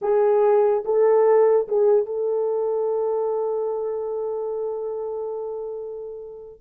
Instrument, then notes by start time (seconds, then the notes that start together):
horn
0.01 G#4
0.84 A4
1.68 G#4
2.06 A4